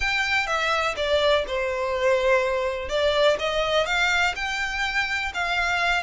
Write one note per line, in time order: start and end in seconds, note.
0.00 0.47 G5
0.47 0.95 E5
0.96 1.45 D5
1.47 2.88 C5
2.88 3.37 D5
3.39 3.86 D#5
3.86 4.34 F5
4.35 5.32 G5
5.34 6.03 F5